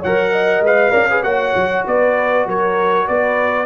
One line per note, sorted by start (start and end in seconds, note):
0.00 0.61 F#3
0.00 0.31 C#5
0.00 0.65 F#5
0.06 0.66 A#4
0.33 0.92 D#5
0.61 0.92 G#3
0.61 0.93 B4
0.61 1.24 F5
0.92 1.23 C#4
0.92 1.08 A#4
0.92 1.07 D5
1.10 1.23 G#4
1.10 1.25 B4
1.23 1.54 A#3
1.23 3.66 F#4
1.23 1.86 C#5
1.23 1.85 F#5
1.56 1.86 F#3
1.87 2.47 B3
1.87 2.48 B4
1.87 2.49 D5
2.47 3.08 F#3
2.47 3.08 A#4
2.47 3.08 C#5
3.08 3.66 B3
3.08 3.66 B4
3.08 3.66 D5